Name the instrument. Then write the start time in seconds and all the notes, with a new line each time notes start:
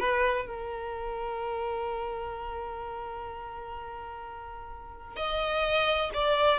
violin
0.00 B4
0.47 A#4
5.17 D#5
6.14 D5